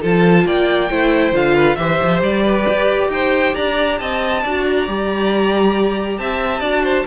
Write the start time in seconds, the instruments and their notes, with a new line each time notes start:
0.00 cello F3, viola F4, violin A4 A5
0.46 cello A#3, violin D5 G5
0.90 cello A3, viola E4, violin C5
1.32 cello D3, viola F4, violin F5
1.55 violin B4
1.76 cello E3, viola G4, violin C5 E5
2.03 cello F3
2.22 cello G3, violin D5
2.43 violin B4
2.69 cello G4
3.08 cello D#4, violin C5 G5
3.54 cello D4, violin D5 A#5
3.99 cello C4, violin D#5 A5
4.43 cello D4, viola F#4, violin D5
4.66 violin A#5
4.87 cello G3, viola G4
6.18 cello C4, violin E5 A5
6.60 cello D4, viola F#4, violin D5
6.84 violin C5